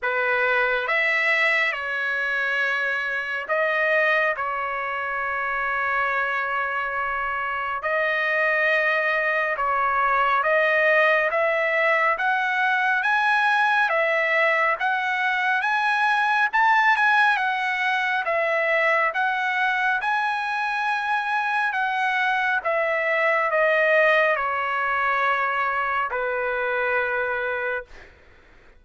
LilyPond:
\new Staff \with { instrumentName = "trumpet" } { \time 4/4 \tempo 4 = 69 b'4 e''4 cis''2 | dis''4 cis''2.~ | cis''4 dis''2 cis''4 | dis''4 e''4 fis''4 gis''4 |
e''4 fis''4 gis''4 a''8 gis''8 | fis''4 e''4 fis''4 gis''4~ | gis''4 fis''4 e''4 dis''4 | cis''2 b'2 | }